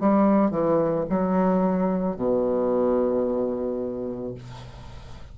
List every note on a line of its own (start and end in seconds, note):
0.00 0.51 G3
0.51 1.05 E3
1.09 2.16 F#3
2.16 4.34 B2